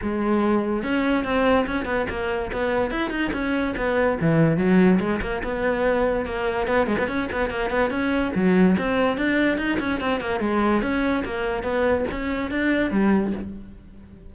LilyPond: \new Staff \with { instrumentName = "cello" } { \time 4/4 \tempo 4 = 144 gis2 cis'4 c'4 | cis'8 b8 ais4 b4 e'8 dis'8 | cis'4 b4 e4 fis4 | gis8 ais8 b2 ais4 |
b8 gis16 b16 cis'8 b8 ais8 b8 cis'4 | fis4 c'4 d'4 dis'8 cis'8 | c'8 ais8 gis4 cis'4 ais4 | b4 cis'4 d'4 g4 | }